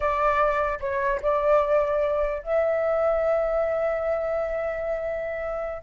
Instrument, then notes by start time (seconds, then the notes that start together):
flute
0.00 D5
0.80 C#5
1.22 D5
2.42 E5